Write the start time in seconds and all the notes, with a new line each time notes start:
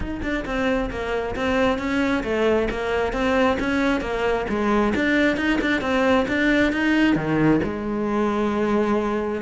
0.00 D#4
0.22 D4
0.45 C4
0.90 A#3
1.35 C4
1.78 C#4
2.23 A3
2.70 A#3
3.12 C4
3.59 C#4
4.01 A#3
4.49 G#3
4.95 D4
5.36 D#4
5.61 D4
5.81 C4
6.27 D4
6.72 D#4
7.15 D#3
7.63 G#3